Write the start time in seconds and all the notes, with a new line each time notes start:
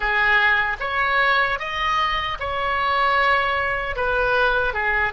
0.00 G#4
0.80 C#5
1.59 D#5
2.39 C#5
3.96 B4
4.73 G#4